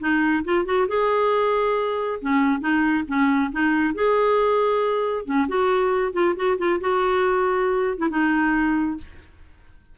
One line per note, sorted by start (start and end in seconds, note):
0.00 0.44 D#4
0.44 0.65 F4
0.65 0.87 F#4
0.88 2.19 G#4
2.21 2.60 C#4
2.60 3.04 D#4
3.08 3.51 C#4
3.52 3.94 D#4
3.94 5.25 G#4
5.25 5.47 C#4
5.48 6.13 F#4
6.13 6.35 F4
6.36 6.58 F#4
6.58 6.80 F4
6.80 7.98 F#4
7.98 8.09 E4
8.10 8.98 D#4